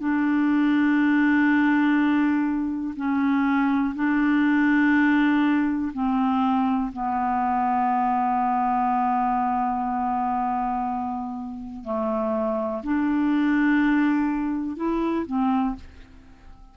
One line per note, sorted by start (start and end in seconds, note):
0.00 2.95 D4
2.97 3.95 C#4
3.96 5.92 D4
5.94 6.92 C4
6.93 11.85 B3
11.85 12.83 A3
12.84 14.77 D4
14.77 15.26 E4
15.27 15.76 C4